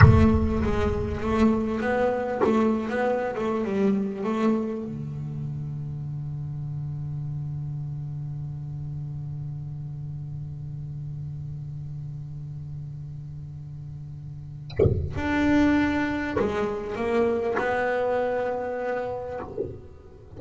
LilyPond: \new Staff \with { instrumentName = "double bass" } { \time 4/4 \tempo 4 = 99 a4 gis4 a4 b4 | a8. b8. a8 g4 a4 | d1~ | d1~ |
d1~ | d1~ | d4 d'2 gis4 | ais4 b2. | }